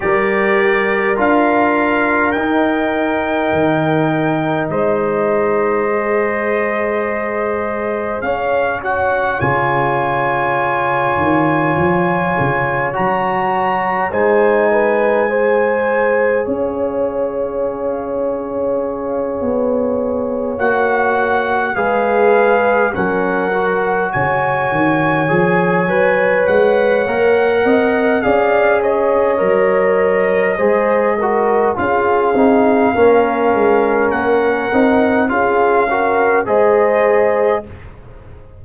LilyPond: <<
  \new Staff \with { instrumentName = "trumpet" } { \time 4/4 \tempo 4 = 51 d''4 f''4 g''2 | dis''2. f''8 fis''8 | gis''2. ais''4 | gis''2 f''2~ |
f''4. fis''4 f''4 fis''8~ | fis''8 gis''2 fis''4. | f''8 dis''2~ dis''8 f''4~ | f''4 fis''4 f''4 dis''4 | }
  \new Staff \with { instrumentName = "horn" } { \time 4/4 ais'1 | c''2. cis''4~ | cis''1 | c''8 b'8 c''4 cis''2~ |
cis''2~ cis''8 b'4 ais'8~ | ais'8 cis''2. dis''8 | d''8 cis''4. c''8 ais'8 gis'4 | ais'2 gis'8 ais'8 c''4 | }
  \new Staff \with { instrumentName = "trombone" } { \time 4/4 g'4 f'4 dis'2~ | dis'4 gis'2~ gis'8 fis'8 | f'2. fis'4 | dis'4 gis'2.~ |
gis'4. fis'4 gis'4 cis'8 | fis'4. gis'8 b'4 ais'4 | gis'4 ais'4 gis'8 fis'8 f'8 dis'8 | cis'4. dis'8 f'8 fis'8 gis'4 | }
  \new Staff \with { instrumentName = "tuba" } { \time 4/4 g4 d'4 dis'4 dis4 | gis2. cis'4 | cis4. dis8 f8 cis8 fis4 | gis2 cis'2~ |
cis'8 b4 ais4 gis4 fis8~ | fis8 cis8 dis8 f8 fis8 gis8 ais8 c'8 | cis'4 fis4 gis4 cis'8 c'8 | ais8 gis8 ais8 c'8 cis'4 gis4 | }
>>